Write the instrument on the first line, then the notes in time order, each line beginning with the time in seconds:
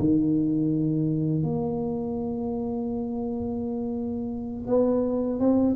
tuba
0.00 D#3
1.44 A#3
4.68 B3
5.40 C4